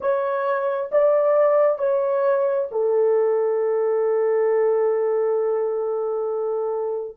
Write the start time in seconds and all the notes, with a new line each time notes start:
0.00 C#5
0.91 D5
1.78 C#5
2.71 A4